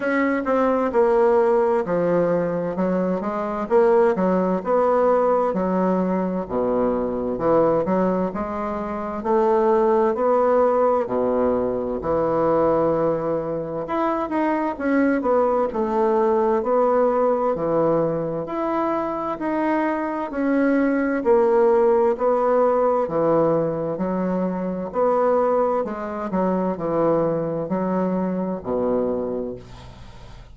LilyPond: \new Staff \with { instrumentName = "bassoon" } { \time 4/4 \tempo 4 = 65 cis'8 c'8 ais4 f4 fis8 gis8 | ais8 fis8 b4 fis4 b,4 | e8 fis8 gis4 a4 b4 | b,4 e2 e'8 dis'8 |
cis'8 b8 a4 b4 e4 | e'4 dis'4 cis'4 ais4 | b4 e4 fis4 b4 | gis8 fis8 e4 fis4 b,4 | }